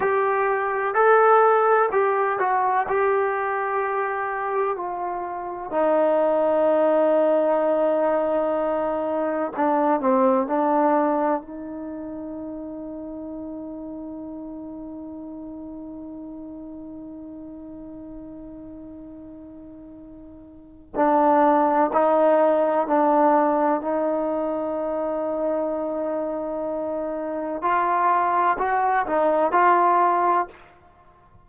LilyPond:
\new Staff \with { instrumentName = "trombone" } { \time 4/4 \tempo 4 = 63 g'4 a'4 g'8 fis'8 g'4~ | g'4 f'4 dis'2~ | dis'2 d'8 c'8 d'4 | dis'1~ |
dis'1~ | dis'2 d'4 dis'4 | d'4 dis'2.~ | dis'4 f'4 fis'8 dis'8 f'4 | }